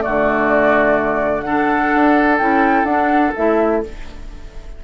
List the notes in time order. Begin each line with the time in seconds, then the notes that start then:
0.00 A3 F#4 D5
0.07 D3
1.42 D4 A4 F#5
1.95 D4
2.38 C#4 E4 G5
2.84 D4 F#5
3.36 A3 E4 E5